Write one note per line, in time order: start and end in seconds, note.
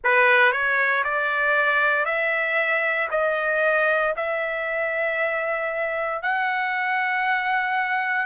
0.04 0.52 B4
0.52 1.03 C#5
1.03 2.05 D5
2.05 3.08 E5
3.10 4.14 D#5
4.16 6.22 E5
6.22 8.25 F#5